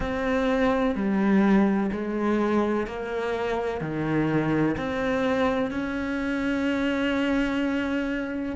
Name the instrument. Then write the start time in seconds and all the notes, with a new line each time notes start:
cello
0.00 C4
0.95 G3
1.92 G#3
2.87 A#3
3.81 D#3
4.77 C4
5.70 C#4